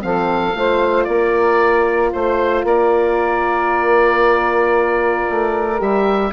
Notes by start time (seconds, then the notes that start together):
0.00 F3 C4 A4 F5
0.54 A3 F4 C5
1.04 A#3 A#4 D5
2.12 A3 C5
2.63 A#3 A#4 D5
5.29 A3
5.77 G3 G4 E5